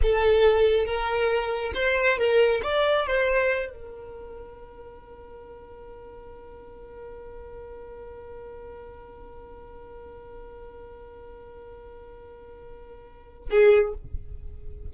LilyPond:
\new Staff \with { instrumentName = "violin" } { \time 4/4 \tempo 4 = 138 a'2 ais'2 | c''4 ais'4 d''4 c''4~ | c''8 ais'2.~ ais'8~ | ais'1~ |
ais'1~ | ais'1~ | ais'1~ | ais'2. gis'4 | }